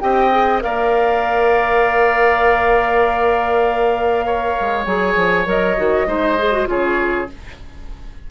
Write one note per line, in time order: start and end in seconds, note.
0.00 0.63 C4
0.00 0.31 G4
0.00 0.63 D#5
0.00 0.61 G5
0.31 0.60 G#4
0.60 4.59 A#3
0.60 4.84 A#4
0.60 4.26 D5
0.60 4.86 F5
4.26 6.08 C#5
4.60 4.86 G#3
4.86 5.16 F#3
4.86 5.45 G#4
4.86 5.46 G#5
5.16 5.46 F3
5.45 5.77 F#3
5.45 5.76 A#4
5.45 6.68 D#5
5.77 6.07 D#3
5.77 6.06 F#4
6.06 6.67 G#3
6.06 6.37 D#4
6.06 6.68 C5
6.38 6.52 G#4
6.52 6.66 F#4
6.66 7.29 C#3
6.66 7.27 F4
6.66 7.30 G#4
6.66 7.29 C#5